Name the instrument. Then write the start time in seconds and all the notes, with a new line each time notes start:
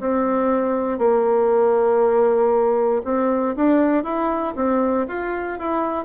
bassoon
0.00 C4
0.98 A#3
3.05 C4
3.56 D4
4.04 E4
4.56 C4
5.08 F4
5.59 E4